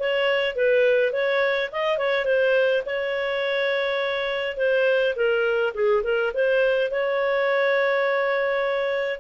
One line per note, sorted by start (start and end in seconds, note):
0.00 0.56 C#5
0.56 1.13 B4
1.13 1.71 C#5
1.72 1.98 D#5
1.98 2.26 C#5
2.26 2.83 C5
2.86 4.57 C#5
4.57 5.15 C5
5.16 5.74 A#4
5.75 6.04 G#4
6.04 6.33 A#4
6.34 6.92 C5
6.92 9.20 C#5